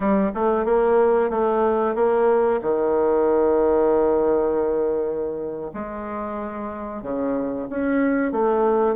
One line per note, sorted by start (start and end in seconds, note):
0.00 0.31 G3
0.34 0.65 A3
0.65 1.30 A#3
1.30 1.95 A3
1.95 2.60 A#3
2.61 5.71 D#3
5.73 7.02 G#3
7.02 7.67 C#3
7.69 8.32 C#4
8.32 8.95 A3